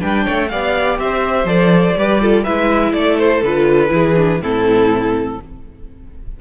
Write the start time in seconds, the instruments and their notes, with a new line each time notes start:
0.00 cello G3, viola D4, violin B4 G5
0.25 cello A3, violin C#5
0.49 cello B3, viola G4, violin D5 F5
0.99 cello C4, violin C5 E5
1.45 cello F3, viola A4, violin D5
1.97 cello G3, viola G4, violin B4
2.22 viola F4, violin A4
2.44 cello G#3, viola E4, violin B4 E5
2.93 cello A3, violin A4 D5
3.18 violin C5
3.43 cello D3, viola F4, violin B4
3.89 cello E3, viola E4, violin G#4
4.17 viola D4
4.41 cello A2, viola C4, violin E4 A4